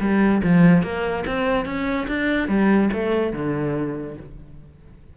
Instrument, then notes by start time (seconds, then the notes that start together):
cello
0.00 G3
0.43 F3
0.82 A#3
1.26 C4
1.65 C#4
2.08 D4
2.48 G3
2.93 A3
3.33 D3